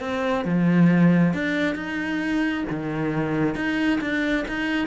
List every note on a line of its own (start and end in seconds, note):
0.00 0.44 C4
0.45 1.34 F3
1.34 1.75 D4
1.75 2.64 D#4
2.70 3.55 D#3
3.55 3.99 D#4
4.01 4.45 D4
4.48 4.87 D#4